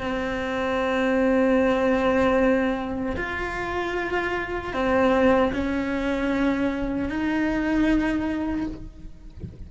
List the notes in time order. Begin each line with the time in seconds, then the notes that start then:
0.00 C4
3.16 F4
4.73 C4
5.53 C#4
7.09 D#4